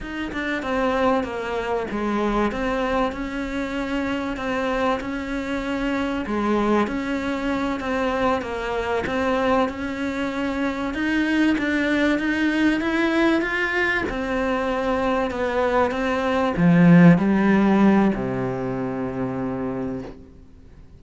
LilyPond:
\new Staff \with { instrumentName = "cello" } { \time 4/4 \tempo 4 = 96 dis'8 d'8 c'4 ais4 gis4 | c'4 cis'2 c'4 | cis'2 gis4 cis'4~ | cis'8 c'4 ais4 c'4 cis'8~ |
cis'4. dis'4 d'4 dis'8~ | dis'8 e'4 f'4 c'4.~ | c'8 b4 c'4 f4 g8~ | g4 c2. | }